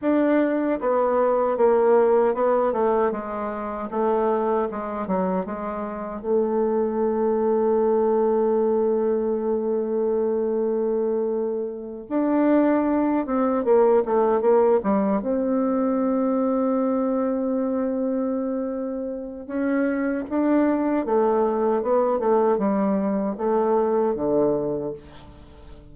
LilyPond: \new Staff \with { instrumentName = "bassoon" } { \time 4/4 \tempo 4 = 77 d'4 b4 ais4 b8 a8 | gis4 a4 gis8 fis8 gis4 | a1~ | a2.~ a8 d'8~ |
d'4 c'8 ais8 a8 ais8 g8 c'8~ | c'1~ | c'4 cis'4 d'4 a4 | b8 a8 g4 a4 d4 | }